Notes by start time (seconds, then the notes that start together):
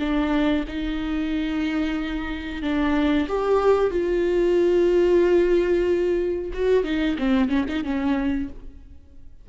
0.00 D4
0.68 D#4
2.63 D4
3.29 G4
3.91 F4
6.54 F#4
6.84 D#4
7.19 C4
7.49 C#4
7.69 D#4
7.84 C#4